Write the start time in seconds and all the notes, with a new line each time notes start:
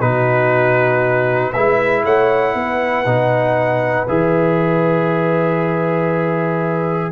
0.00 B2 D#4 F#4 B4
1.52 G#3 E4 B4 E5
2.04 A3 C#5 F#5
2.55 B3 B4
3.06 B2 D#4
4.08 E3 G#4 E5